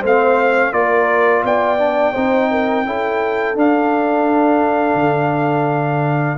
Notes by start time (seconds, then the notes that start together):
0.00 A3 C4 C5
0.07 F5
0.73 A#3 F4 A#4 D5
1.44 B3 D5 G5
1.79 D4
2.13 C4 D#4 C5
2.51 A#4
2.86 C#4 E4 A4
3.55 D4 F5
4.95 D3